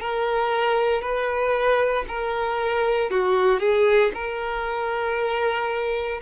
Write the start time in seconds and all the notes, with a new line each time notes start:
0.00 A#4
1.01 B4
2.07 A#4
3.10 F#4
3.59 G#4
4.14 A#4